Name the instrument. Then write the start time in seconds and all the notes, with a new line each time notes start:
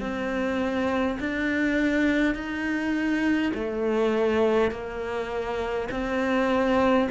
cello
0.00 C4
1.20 D4
2.34 D#4
3.55 A3
4.71 A#3
5.91 C4